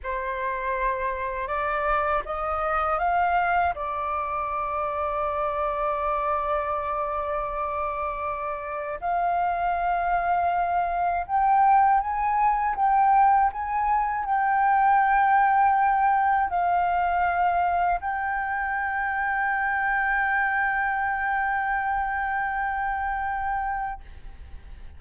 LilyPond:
\new Staff \with { instrumentName = "flute" } { \time 4/4 \tempo 4 = 80 c''2 d''4 dis''4 | f''4 d''2.~ | d''1 | f''2. g''4 |
gis''4 g''4 gis''4 g''4~ | g''2 f''2 | g''1~ | g''1 | }